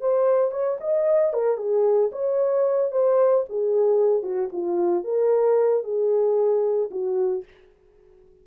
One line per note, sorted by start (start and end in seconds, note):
0.00 0.51 C5
0.51 0.77 C#5
0.80 1.33 D#5
1.33 1.57 A#4
1.57 2.10 G#4
2.12 2.91 C#5
2.91 3.44 C5
3.49 4.22 G#4
4.22 4.49 F#4
4.52 5.03 F4
5.03 5.83 A#4
5.83 6.89 G#4
6.91 7.44 F#4